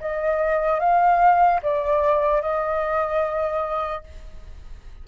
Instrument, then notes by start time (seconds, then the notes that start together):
flute
0.00 D#5
0.79 F5
1.62 D5
2.41 D#5